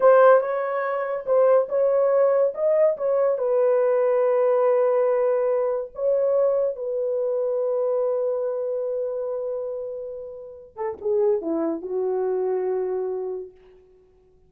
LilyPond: \new Staff \with { instrumentName = "horn" } { \time 4/4 \tempo 4 = 142 c''4 cis''2 c''4 | cis''2 dis''4 cis''4 | b'1~ | b'2 cis''2 |
b'1~ | b'1~ | b'4. a'8 gis'4 e'4 | fis'1 | }